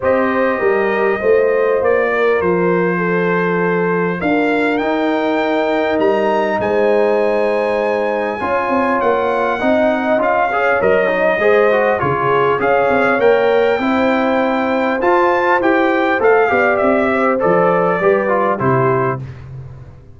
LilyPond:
<<
  \new Staff \with { instrumentName = "trumpet" } { \time 4/4 \tempo 4 = 100 dis''2. d''4 | c''2. f''4 | g''2 ais''4 gis''4~ | gis''2. fis''4~ |
fis''4 f''4 dis''2 | cis''4 f''4 g''2~ | g''4 a''4 g''4 f''4 | e''4 d''2 c''4 | }
  \new Staff \with { instrumentName = "horn" } { \time 4/4 c''4 ais'4 c''4. ais'8~ | ais'4 a'2 ais'4~ | ais'2. c''4~ | c''2 cis''2 |
dis''4. cis''4. c''4 | gis'4 cis''2 c''4~ | c''2.~ c''8 d''8~ | d''8 c''4. b'4 g'4 | }
  \new Staff \with { instrumentName = "trombone" } { \time 4/4 g'2 f'2~ | f'1 | dis'1~ | dis'2 f'2 |
dis'4 f'8 gis'8 ais'8 dis'8 gis'8 fis'8 | f'4 gis'4 ais'4 e'4~ | e'4 f'4 g'4 a'8 g'8~ | g'4 a'4 g'8 f'8 e'4 | }
  \new Staff \with { instrumentName = "tuba" } { \time 4/4 c'4 g4 a4 ais4 | f2. d'4 | dis'2 g4 gis4~ | gis2 cis'8 c'8 ais4 |
c'4 cis'4 fis4 gis4 | cis4 cis'8 c'8 ais4 c'4~ | c'4 f'4 e'4 a8 b8 | c'4 f4 g4 c4 | }
>>